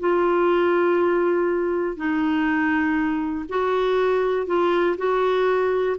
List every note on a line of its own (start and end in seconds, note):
0.00 1.97 F4
1.97 3.46 D#4
3.49 4.47 F#4
4.47 4.96 F4
4.97 5.96 F#4